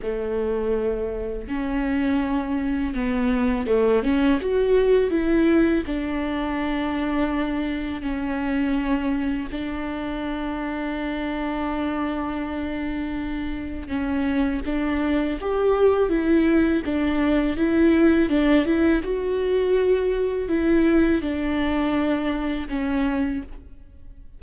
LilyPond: \new Staff \with { instrumentName = "viola" } { \time 4/4 \tempo 4 = 82 a2 cis'2 | b4 a8 cis'8 fis'4 e'4 | d'2. cis'4~ | cis'4 d'2.~ |
d'2. cis'4 | d'4 g'4 e'4 d'4 | e'4 d'8 e'8 fis'2 | e'4 d'2 cis'4 | }